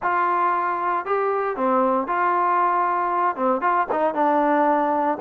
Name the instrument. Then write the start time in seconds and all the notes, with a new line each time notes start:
trombone
0.02 F4
1.05 G4
1.56 C4
2.07 F4
3.36 C4
3.61 F4
3.91 D#4
4.14 D4